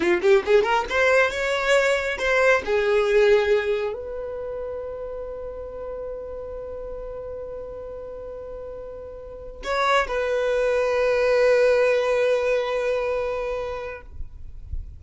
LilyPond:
\new Staff \with { instrumentName = "violin" } { \time 4/4 \tempo 4 = 137 f'8 g'8 gis'8 ais'8 c''4 cis''4~ | cis''4 c''4 gis'2~ | gis'4 b'2.~ | b'1~ |
b'1~ | b'2 cis''4 b'4~ | b'1~ | b'1 | }